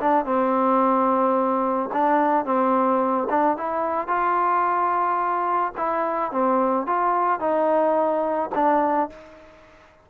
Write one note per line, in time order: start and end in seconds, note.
0.00 0.26 D4
0.26 1.91 C4
1.93 2.45 D4
2.45 3.28 C4
3.30 3.58 D4
3.58 4.08 E4
4.08 5.73 F4
5.78 6.32 E4
6.32 6.87 C4
6.87 7.40 F4
7.40 8.50 D#4
8.55 9.10 D4